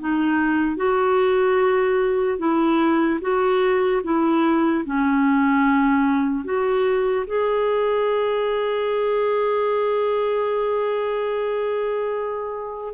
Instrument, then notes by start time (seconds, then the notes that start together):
clarinet
0.00 D#4
0.77 F#4
2.39 E4
3.22 F#4
4.04 E4
4.86 C#4
6.45 F#4
7.27 G#4